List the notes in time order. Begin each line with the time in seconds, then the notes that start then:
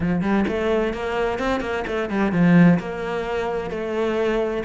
0.00 F3
0.21 G3
0.48 A3
0.93 A#3
1.38 C4
1.60 A#3
1.87 A3
2.09 G3
2.32 F3
2.79 A#3
3.70 A3